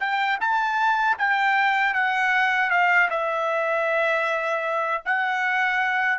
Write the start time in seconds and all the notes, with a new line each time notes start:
0.00 G5
0.41 A5
1.18 G5
1.94 F#5
2.71 F5
3.10 E5
5.06 F#5